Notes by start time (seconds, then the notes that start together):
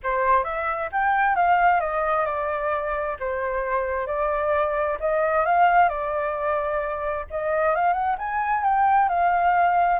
0.03 C5
0.44 E5
0.92 G5
1.35 F5
1.80 D#5
2.25 D5
3.19 C5
4.06 D5
5.00 D#5
5.45 F5
5.88 D5
7.30 D#5
7.75 F5
7.93 F#5
8.18 G#5
8.63 G5
9.08 F5